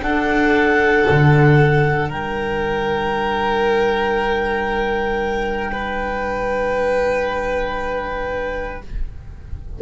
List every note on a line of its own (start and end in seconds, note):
0.00 8.79 D4
0.00 1.05 D4
0.00 2.09 A4
0.00 2.09 F#5
1.09 2.08 D3
2.08 8.80 G3
2.08 5.71 A#4
2.08 8.81 G5
5.71 8.82 B4